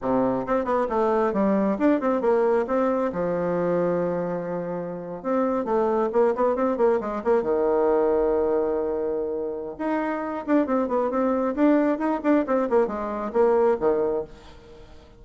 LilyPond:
\new Staff \with { instrumentName = "bassoon" } { \time 4/4 \tempo 4 = 135 c4 c'8 b8 a4 g4 | d'8 c'8 ais4 c'4 f4~ | f2.~ f8. c'16~ | c'8. a4 ais8 b8 c'8 ais8 gis16~ |
gis16 ais8 dis2.~ dis16~ | dis2 dis'4. d'8 | c'8 b8 c'4 d'4 dis'8 d'8 | c'8 ais8 gis4 ais4 dis4 | }